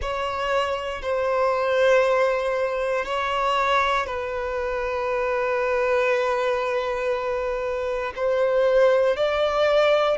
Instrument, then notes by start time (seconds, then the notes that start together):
violin
0.01 C#5
1.02 C5
3.05 C#5
4.06 B4
8.15 C5
9.16 D5